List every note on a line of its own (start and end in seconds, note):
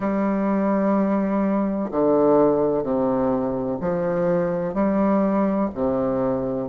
0.00 1.90 G3
1.90 2.83 D3
2.83 3.78 C3
3.80 4.74 F3
4.74 5.69 G3
5.74 6.68 C3